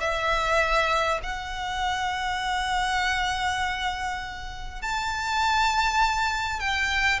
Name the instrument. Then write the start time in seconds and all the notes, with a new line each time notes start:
violin
0.00 E5
1.22 F#5
4.81 A5
6.59 G5